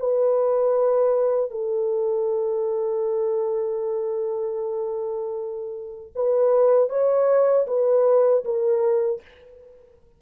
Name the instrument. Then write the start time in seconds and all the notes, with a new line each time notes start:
horn
0.00 B4
1.51 A4
6.16 B4
6.90 C#5
7.67 B4
8.45 A#4